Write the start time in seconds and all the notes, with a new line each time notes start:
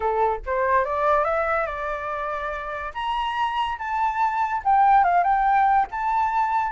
0.00 A4
0.46 C5
0.84 D5
1.24 E5
1.66 D5
2.94 A#5
3.78 A5
4.64 G5
5.04 F5
5.23 G5
5.91 A5